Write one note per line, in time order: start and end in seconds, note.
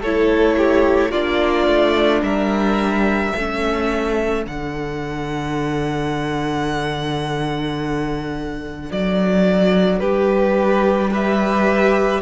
0.00 1.12 A3
0.00 1.12 E4
0.00 0.56 A4
0.00 1.12 C#5
0.57 1.11 G4
1.11 1.67 A#3
1.11 3.34 D4
1.11 2.22 F4
1.11 2.22 D5
1.67 2.22 A3
2.22 3.33 G3
2.22 3.35 A#4
2.22 4.44 E5
3.35 4.46 A3
3.35 4.47 C#4
3.35 10.01 A4
4.46 8.91 D3
4.46 11.12 D4
4.46 8.92 F#5
8.91 10.01 F#3
8.91 9.99 D5
9.99 12.22 G3
9.99 11.10 G4
9.99 11.10 B4
11.10 12.22 G4
11.10 12.22 B4
11.10 12.22 E5